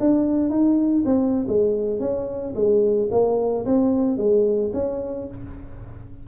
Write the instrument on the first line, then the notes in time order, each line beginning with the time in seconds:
tuba
0.00 D4
0.50 D#4
1.06 C4
1.48 G#3
2.00 C#4
2.55 G#3
3.11 A#3
3.66 C4
4.17 G#3
4.74 C#4